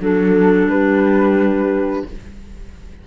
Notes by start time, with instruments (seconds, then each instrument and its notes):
0.00 cello F#3, clarinet D4, horn A4, flute A4
0.66 cello G3, horn G4, flute B4